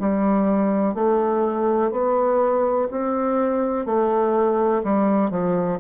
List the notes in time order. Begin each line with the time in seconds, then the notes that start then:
0.00 G3
0.95 A3
1.92 B3
2.91 C4
3.86 A3
4.84 G3
5.31 F3